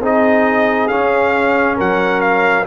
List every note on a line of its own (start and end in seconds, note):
0.00 0.88 C4
0.00 0.89 D#4
0.00 1.76 G#4
0.00 0.87 D#5
0.87 2.66 C#4
0.87 1.79 C#4
0.87 1.76 F5
1.76 2.66 F#3
1.76 2.65 A#4
1.76 2.20 F#5
2.20 2.65 F5